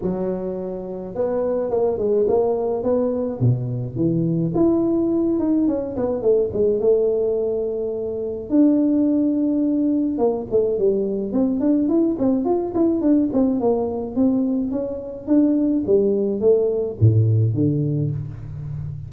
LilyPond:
\new Staff \with { instrumentName = "tuba" } { \time 4/4 \tempo 4 = 106 fis2 b4 ais8 gis8 | ais4 b4 b,4 e4 | e'4. dis'8 cis'8 b8 a8 gis8 | a2. d'4~ |
d'2 ais8 a8 g4 | c'8 d'8 e'8 c'8 f'8 e'8 d'8 c'8 | ais4 c'4 cis'4 d'4 | g4 a4 a,4 d4 | }